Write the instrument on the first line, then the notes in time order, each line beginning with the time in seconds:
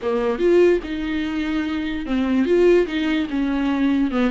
viola
0.01 A#3
0.38 F4
0.83 D#4
2.06 C4
2.45 F4
2.86 D#4
3.30 C#4
4.11 B3